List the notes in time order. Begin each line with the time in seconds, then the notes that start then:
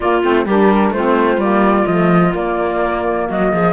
0.00 A#3 F4 D5
0.23 A3 C4 C5
0.45 G3 D4 G4 A#4
0.90 A3 F4 C5
0.96 C4
1.37 G3 A#3 D5
1.86 F3 A3 D#5
2.31 A#3 D5
3.28 F#3 F#4 D#5
3.52 F3 G#4